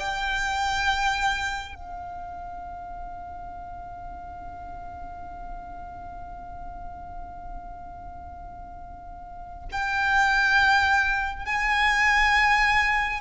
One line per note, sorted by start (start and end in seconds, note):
0.00 1.75 G5
1.75 9.69 F5
9.72 11.45 G5
11.45 13.21 G#5